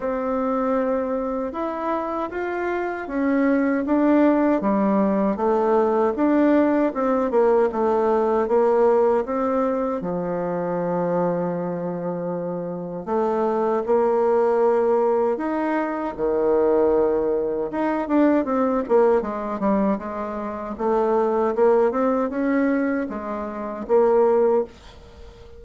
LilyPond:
\new Staff \with { instrumentName = "bassoon" } { \time 4/4 \tempo 4 = 78 c'2 e'4 f'4 | cis'4 d'4 g4 a4 | d'4 c'8 ais8 a4 ais4 | c'4 f2.~ |
f4 a4 ais2 | dis'4 dis2 dis'8 d'8 | c'8 ais8 gis8 g8 gis4 a4 | ais8 c'8 cis'4 gis4 ais4 | }